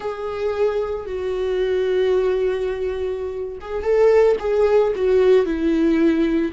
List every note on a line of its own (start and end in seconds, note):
0.00 1.06 G#4
1.06 3.58 F#4
3.60 3.83 G#4
3.83 4.36 A4
4.39 4.92 G#4
4.95 5.45 F#4
5.45 6.51 E4